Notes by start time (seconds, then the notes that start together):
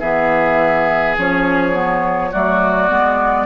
0.00 E3 B3 G#4 E5
1.18 F3 C#4 C#5
1.73 B3
2.31 F#3 A3 F#4 D5
2.89 G#3 B3